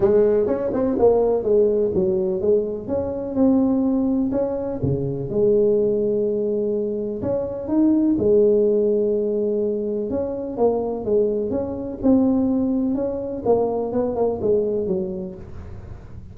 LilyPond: \new Staff \with { instrumentName = "tuba" } { \time 4/4 \tempo 4 = 125 gis4 cis'8 c'8 ais4 gis4 | fis4 gis4 cis'4 c'4~ | c'4 cis'4 cis4 gis4~ | gis2. cis'4 |
dis'4 gis2.~ | gis4 cis'4 ais4 gis4 | cis'4 c'2 cis'4 | ais4 b8 ais8 gis4 fis4 | }